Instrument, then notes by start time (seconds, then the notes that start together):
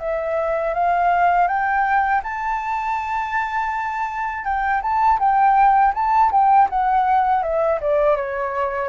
flute
0.00 E5
0.74 F5
1.48 G5
2.24 A5
4.44 G5
4.82 A5
5.20 G5
5.94 A5
6.32 G5
6.70 F#5
7.43 E5
7.81 D5
8.17 C#5